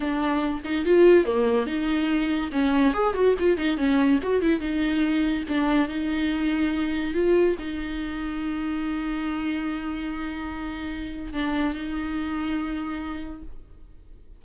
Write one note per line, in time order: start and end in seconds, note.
0.00 0.61 D4
0.64 0.85 D#4
0.85 1.25 F4
1.25 1.66 A#3
1.66 2.50 D#4
2.52 2.93 C#4
2.93 3.14 G#4
3.14 3.35 F#4
3.39 3.57 F4
3.57 3.77 D#4
3.77 4.19 C#4
4.22 4.41 F#4
4.41 4.60 E4
4.60 5.44 D#4
5.48 5.88 D4
5.88 7.14 D#4
7.14 7.56 F4
7.58 11.33 D#4
11.33 11.74 D4
11.74 13.42 D#4